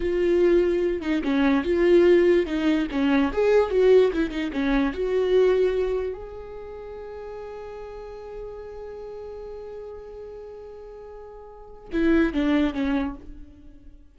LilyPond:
\new Staff \with { instrumentName = "viola" } { \time 4/4 \tempo 4 = 146 f'2~ f'8 dis'8 cis'4 | f'2 dis'4 cis'4 | gis'4 fis'4 e'8 dis'8 cis'4 | fis'2. gis'4~ |
gis'1~ | gis'1~ | gis'1~ | gis'4 e'4 d'4 cis'4 | }